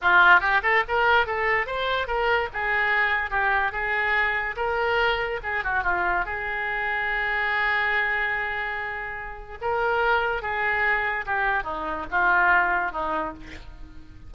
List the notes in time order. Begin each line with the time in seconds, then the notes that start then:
0.01 F4
0.40 G4
0.62 A4
0.87 A#4
1.26 A4
1.66 C5
2.07 A#4
2.53 G#4
3.30 G4
3.72 G#4
4.56 A#4
5.43 G#4
5.64 F#4
5.83 F4
6.25 G#4
9.61 A#4
10.41 G#4
11.26 G4
11.63 D#4
12.10 F4
12.91 D#4